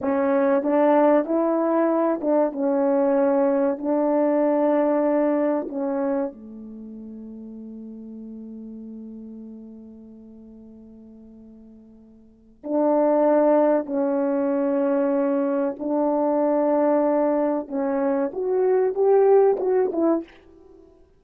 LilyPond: \new Staff \with { instrumentName = "horn" } { \time 4/4 \tempo 4 = 95 cis'4 d'4 e'4. d'8 | cis'2 d'2~ | d'4 cis'4 a2~ | a1~ |
a1 | d'2 cis'2~ | cis'4 d'2. | cis'4 fis'4 g'4 fis'8 e'8 | }